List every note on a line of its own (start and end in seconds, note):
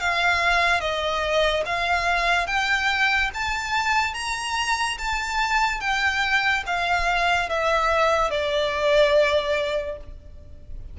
0.00 0.80 F5
0.80 1.63 D#5
1.66 2.47 F5
2.47 3.30 G5
3.34 4.14 A5
4.14 4.97 A#5
4.98 5.80 A5
5.80 6.63 G5
6.66 7.49 F5
7.49 8.30 E5
8.30 9.97 D5